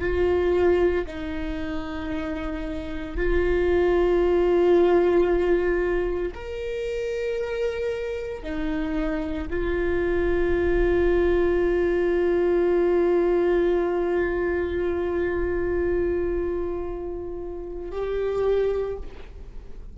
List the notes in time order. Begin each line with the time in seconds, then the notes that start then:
0.00 F4
1.07 D#4
3.17 F4
6.35 A#4
8.43 D#4
9.50 F4
17.92 G4